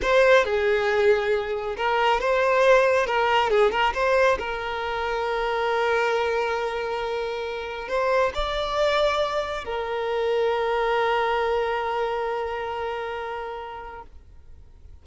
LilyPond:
\new Staff \with { instrumentName = "violin" } { \time 4/4 \tempo 4 = 137 c''4 gis'2. | ais'4 c''2 ais'4 | gis'8 ais'8 c''4 ais'2~ | ais'1~ |
ais'2 c''4 d''4~ | d''2 ais'2~ | ais'1~ | ais'1 | }